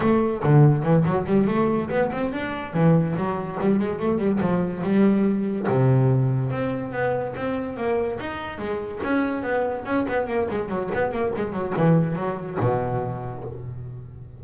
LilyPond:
\new Staff \with { instrumentName = "double bass" } { \time 4/4 \tempo 4 = 143 a4 d4 e8 fis8 g8 a8~ | a8 b8 c'8 d'4 e4 fis8~ | fis8 g8 gis8 a8 g8 f4 g8~ | g4. c2 c'8~ |
c'8 b4 c'4 ais4 dis'8~ | dis'8 gis4 cis'4 b4 cis'8 | b8 ais8 gis8 fis8 b8 ais8 gis8 fis8 | e4 fis4 b,2 | }